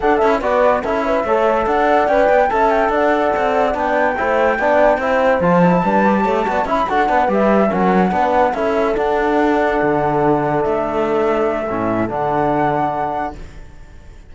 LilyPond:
<<
  \new Staff \with { instrumentName = "flute" } { \time 4/4 \tempo 4 = 144 fis''8 e''8 d''4 e''2 | fis''4 g''4 a''8 g''8 fis''4~ | fis''4 g''2.~ | g''4 a''2. |
b''8 fis''4 e''4 fis''4.~ | fis''8 e''4 fis''2~ fis''8~ | fis''4. e''2~ e''8~ | e''4 fis''2. | }
  \new Staff \with { instrumentName = "horn" } { \time 4/4 a'4 b'4 a'8 b'8 cis''4 | d''2 e''4 d''4~ | d''2 c''4 d''4 | c''2 b'4 cis''8 d''8 |
e''8 a'8 b'4. ais'4 b'8~ | b'8 a'2.~ a'8~ | a'1~ | a'1 | }
  \new Staff \with { instrumentName = "trombone" } { \time 4/4 d'8 e'8 fis'4 e'4 a'4~ | a'4 b'4 a'2~ | a'4 d'4 e'4 d'4 | e'4 f'8 e'8 d'8 g'4 fis'8 |
e'8 fis'8 d'8 g'4 cis'4 d'8~ | d'8 e'4 d'2~ d'8~ | d'1 | cis'4 d'2. | }
  \new Staff \with { instrumentName = "cello" } { \time 4/4 d'8 cis'8 b4 cis'4 a4 | d'4 cis'8 b8 cis'4 d'4 | c'4 b4 a4 b4 | c'4 f4 g4 a8 b8 |
cis'8 d'8 b8 g4 fis4 b8~ | b8 cis'4 d'2 d8~ | d4. a2~ a8 | a,4 d2. | }
>>